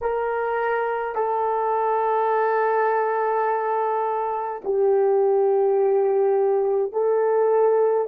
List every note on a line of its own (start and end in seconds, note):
0.01 1.15 A#4
1.15 4.61 A4
4.64 6.92 G4
6.92 8.07 A4